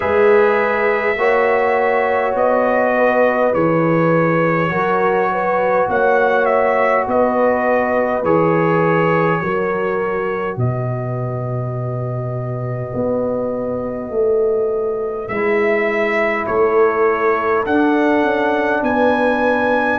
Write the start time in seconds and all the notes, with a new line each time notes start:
0.00 G#3 G#4 B4 E5
1.16 A#3 F#4 C#5
2.34 B3 D#5
2.96 B4
3.53 E3 G#4 C#5
4.69 F#3 F#4 A#4
5.31 B4
5.88 A#3 C#5 F#5
6.45 E5
7.06 B3 B4 D#5
8.23 E3 G#4 C#5
9.41 F#3 F#4 A#4
10.56 B2 B4 D#5
12.94 B3
14.10 A3
15.27 G#3 E4 E5
16.46 A3 A4 C#5
17.66 D4 F#5
18.23 C#4
18.82 B3 B4 G#5